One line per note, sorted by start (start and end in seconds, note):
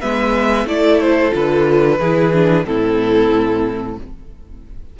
0.00 0.65 G#3
0.00 0.66 B3
0.00 0.66 B4
0.00 0.66 E5
0.65 1.31 A3
0.65 1.31 E4
0.65 1.99 A4
0.65 1.00 D5
1.00 1.33 C5
1.31 1.99 D3
1.31 1.97 F4
1.31 2.65 B4
1.99 2.65 E3
1.99 2.33 E4
1.99 2.65 G#4
2.33 2.65 D4
2.65 3.97 A2
2.65 3.97 C4
2.65 3.99 E4
2.65 3.97 A4